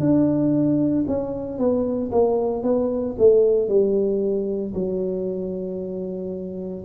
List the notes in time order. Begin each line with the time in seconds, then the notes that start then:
0.00 D4
1.08 C#4
1.59 B3
2.12 A#3
2.64 B3
3.19 A3
3.68 G3
4.75 F#3